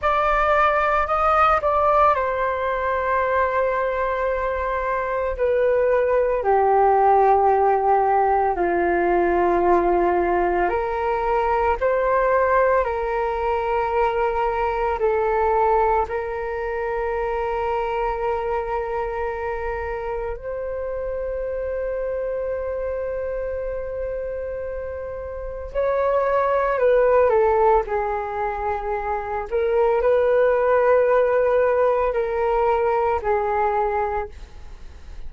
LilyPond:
\new Staff \with { instrumentName = "flute" } { \time 4/4 \tempo 4 = 56 d''4 dis''8 d''8 c''2~ | c''4 b'4 g'2 | f'2 ais'4 c''4 | ais'2 a'4 ais'4~ |
ais'2. c''4~ | c''1 | cis''4 b'8 a'8 gis'4. ais'8 | b'2 ais'4 gis'4 | }